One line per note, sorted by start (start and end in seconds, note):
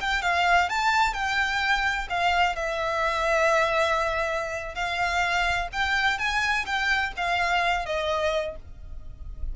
0.00 0.22 G5
0.22 0.69 F5
0.69 1.13 A5
1.13 2.07 G5
2.09 2.55 F5
2.55 4.74 E5
4.74 5.68 F5
5.72 6.18 G5
6.18 6.65 G#5
6.66 7.12 G5
7.17 7.85 F5
7.85 8.55 D#5